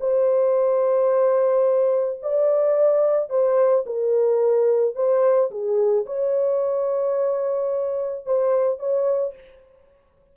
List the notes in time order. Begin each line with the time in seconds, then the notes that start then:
0.00 C5
2.22 D5
3.30 C5
3.86 A#4
4.95 C5
5.50 G#4
6.06 C#5
8.25 C5
8.79 C#5